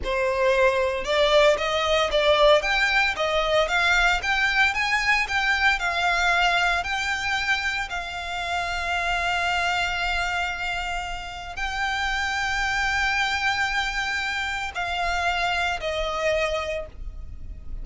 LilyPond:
\new Staff \with { instrumentName = "violin" } { \time 4/4 \tempo 4 = 114 c''2 d''4 dis''4 | d''4 g''4 dis''4 f''4 | g''4 gis''4 g''4 f''4~ | f''4 g''2 f''4~ |
f''1~ | f''2 g''2~ | g''1 | f''2 dis''2 | }